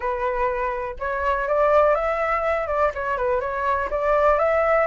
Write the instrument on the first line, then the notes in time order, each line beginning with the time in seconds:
flute
0.00 B4
0.99 C#5
1.47 D5
1.94 E5
2.67 D5
2.94 C#5
3.17 B4
3.40 C#5
3.90 D5
4.38 E5